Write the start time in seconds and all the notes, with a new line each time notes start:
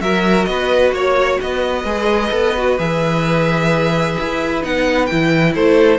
0.00 F#3 F#4 A#4 E5
0.45 B3 B4 D#5
0.91 A#3 C#5
1.40 B3 B4 D#5
1.84 G#3 G#4
2.31 B3 A4
2.57 F#4
2.78 E3 G#4 E5
4.19 E4
4.61 B3 D#4 F#5
5.06 E3 E4 G5
5.53 A3 A4 C5